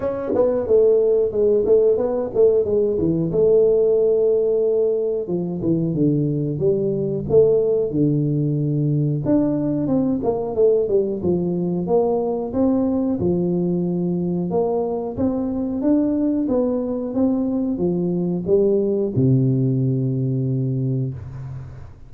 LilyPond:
\new Staff \with { instrumentName = "tuba" } { \time 4/4 \tempo 4 = 91 cis'8 b8 a4 gis8 a8 b8 a8 | gis8 e8 a2. | f8 e8 d4 g4 a4 | d2 d'4 c'8 ais8 |
a8 g8 f4 ais4 c'4 | f2 ais4 c'4 | d'4 b4 c'4 f4 | g4 c2. | }